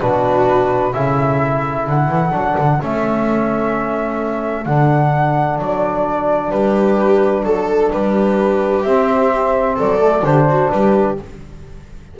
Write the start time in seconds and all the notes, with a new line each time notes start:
0.00 B2 D4 F#4 B4
0.93 C#3 E4 A4 E5
1.87 D3 F#5
2.08 E3
2.31 F#3 D4
2.58 D3
2.81 A3 C#4 E5
4.65 D3 D4 F#5
5.59 F#3 D5
6.51 G3 G4 B4
7.43 F#3 A4
7.92 G3 G4 B4
8.83 C4 E5
9.75 F#3 A4 D5
9.99 A3
10.22 D3 D4 G4 C5
10.49 F#4
10.70 G3 G4 B4